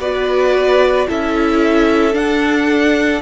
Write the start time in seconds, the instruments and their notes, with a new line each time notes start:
0.00 cello B3, viola F#4, violin B4 D5
1.07 cello C#4, viola E4, violin A4 E5
2.13 viola D4, cello D4, violin F#5